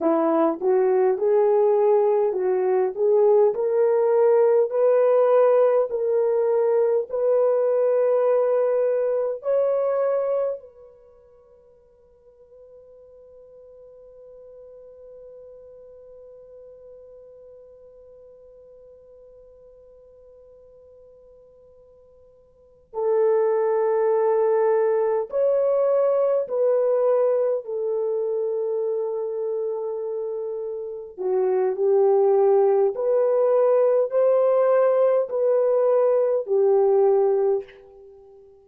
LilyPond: \new Staff \with { instrumentName = "horn" } { \time 4/4 \tempo 4 = 51 e'8 fis'8 gis'4 fis'8 gis'8 ais'4 | b'4 ais'4 b'2 | cis''4 b'2.~ | b'1~ |
b'2.~ b'8 a'8~ | a'4. cis''4 b'4 a'8~ | a'2~ a'8 fis'8 g'4 | b'4 c''4 b'4 g'4 | }